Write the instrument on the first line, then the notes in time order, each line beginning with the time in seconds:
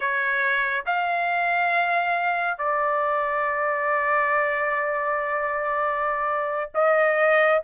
trumpet
0.00 C#5
0.86 F5
2.58 D5
6.74 D#5